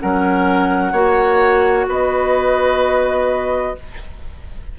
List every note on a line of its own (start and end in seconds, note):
0.00 0.92 F#3
0.00 0.94 C#4
0.00 0.92 A#4
0.00 1.88 F#5
0.92 1.86 A#3
0.92 3.75 F#4
0.92 1.86 C#5
1.87 3.75 B3
1.87 3.76 B4
1.87 3.79 D#5